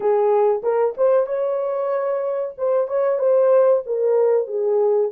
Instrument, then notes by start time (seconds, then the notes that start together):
horn
0.00 G#4
0.62 A#4
0.97 C5
1.26 C#5
2.57 C5
2.87 C#5
3.19 C5
3.86 A#4
4.47 G#4